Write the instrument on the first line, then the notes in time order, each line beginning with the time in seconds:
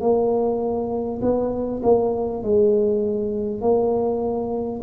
tuba
0.00 A#3
1.22 B3
1.82 A#3
2.42 G#3
3.61 A#3